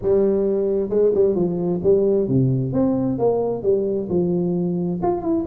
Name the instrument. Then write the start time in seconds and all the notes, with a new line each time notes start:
tuba
0.01 G3
0.89 G#3
1.14 G3
1.35 F3
1.83 G3
2.27 C3
2.73 C4
3.18 A#3
3.62 G3
4.09 F3
5.02 F4
5.21 E4